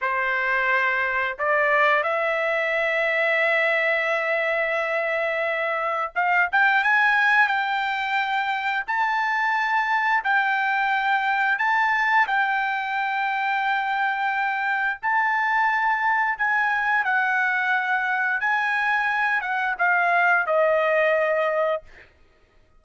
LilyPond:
\new Staff \with { instrumentName = "trumpet" } { \time 4/4 \tempo 4 = 88 c''2 d''4 e''4~ | e''1~ | e''4 f''8 g''8 gis''4 g''4~ | g''4 a''2 g''4~ |
g''4 a''4 g''2~ | g''2 a''2 | gis''4 fis''2 gis''4~ | gis''8 fis''8 f''4 dis''2 | }